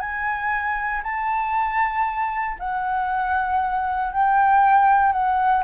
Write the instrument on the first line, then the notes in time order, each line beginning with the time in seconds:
flute
0.00 G#5
1.03 A5
2.59 F#5
4.13 G5
5.13 F#5